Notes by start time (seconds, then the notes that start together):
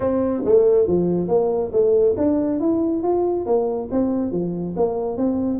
0.00 C4
0.44 A3
0.87 F3
1.28 A#3
1.72 A3
2.17 D4
2.60 E4
3.02 F4
3.45 A#3
3.91 C4
4.31 F3
4.76 A#3
5.17 C4